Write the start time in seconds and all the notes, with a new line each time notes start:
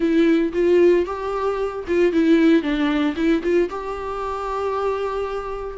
0.00 E4
0.52 F4
1.05 G4
1.87 F4
2.12 E4
2.62 D4
3.16 E4
3.42 F4
3.69 G4